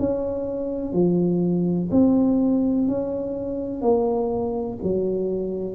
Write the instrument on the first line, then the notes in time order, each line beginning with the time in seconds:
tuba
0.00 C#4
0.93 F3
1.92 C4
2.88 C#4
3.82 A#3
4.83 F#3